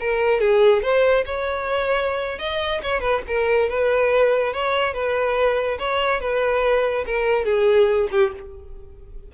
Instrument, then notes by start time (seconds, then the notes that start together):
violin
0.00 A#4
0.40 G#4
0.82 C5
1.25 C#5
2.39 D#5
2.83 C#5
3.00 B4
3.27 A#4
3.69 B4
4.53 C#5
4.94 B4
5.79 C#5
6.20 B4
7.06 A#4
7.45 G#4
8.11 G4